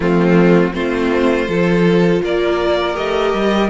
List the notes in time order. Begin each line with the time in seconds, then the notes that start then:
0.00 F3 A3 C4 F4
0.73 A3 C4 F4 C5
1.47 F3 F4 A4
2.22 A#3 A#4 D5
2.94 A3 G4 D#5
3.33 G3